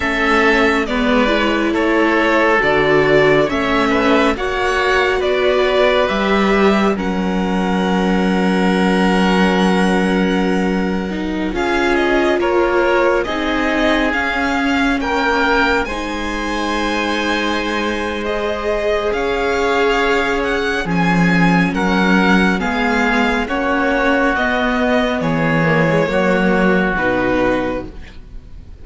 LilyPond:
<<
  \new Staff \with { instrumentName = "violin" } { \time 4/4 \tempo 4 = 69 e''4 d''4 cis''4 d''4 | e''4 fis''4 d''4 e''4 | fis''1~ | fis''4~ fis''16 f''8 dis''8 cis''4 dis''8.~ |
dis''16 f''4 g''4 gis''4.~ gis''16~ | gis''4 dis''4 f''4. fis''8 | gis''4 fis''4 f''4 cis''4 | dis''4 cis''2 b'4 | }
  \new Staff \with { instrumentName = "oboe" } { \time 4/4 a'4 b'4 a'2 | cis''8 b'8 cis''4 b'2 | ais'1~ | ais'4~ ais'16 gis'4 ais'4 gis'8.~ |
gis'4~ gis'16 ais'4 c''4.~ c''16~ | c''2 cis''2 | gis'4 ais'4 gis'4 fis'4~ | fis'4 gis'4 fis'2 | }
  \new Staff \with { instrumentName = "viola" } { \time 4/4 cis'4 b8 e'4. fis'4 | cis'4 fis'2 g'4 | cis'1~ | cis'8. dis'8 f'2 dis'8.~ |
dis'16 cis'2 dis'4.~ dis'16~ | dis'4 gis'2. | cis'2 b4 cis'4 | b4. ais16 gis16 ais4 dis'4 | }
  \new Staff \with { instrumentName = "cello" } { \time 4/4 a4 gis4 a4 d4 | a4 ais4 b4 g4 | fis1~ | fis4~ fis16 cis'4 ais4 c'8.~ |
c'16 cis'4 ais4 gis4.~ gis16~ | gis2 cis'2 | f4 fis4 gis4 ais4 | b4 e4 fis4 b,4 | }
>>